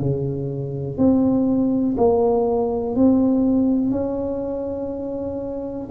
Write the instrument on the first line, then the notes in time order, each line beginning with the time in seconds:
tuba
0.00 C#3
0.97 C4
1.97 A#3
2.95 C4
3.91 C#4